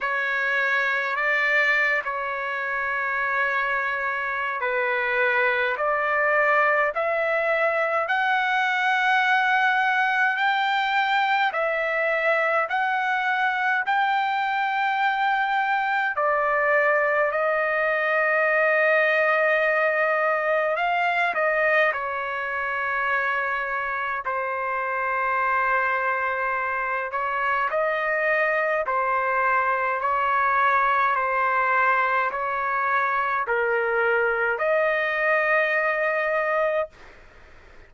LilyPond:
\new Staff \with { instrumentName = "trumpet" } { \time 4/4 \tempo 4 = 52 cis''4 d''8. cis''2~ cis''16 | b'4 d''4 e''4 fis''4~ | fis''4 g''4 e''4 fis''4 | g''2 d''4 dis''4~ |
dis''2 f''8 dis''8 cis''4~ | cis''4 c''2~ c''8 cis''8 | dis''4 c''4 cis''4 c''4 | cis''4 ais'4 dis''2 | }